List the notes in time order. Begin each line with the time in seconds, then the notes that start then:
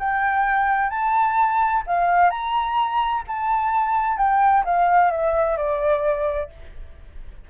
0.00 G5
0.90 A5
1.87 F5
2.31 A#5
3.28 A5
4.18 G5
4.65 F5
5.11 E5
5.58 D5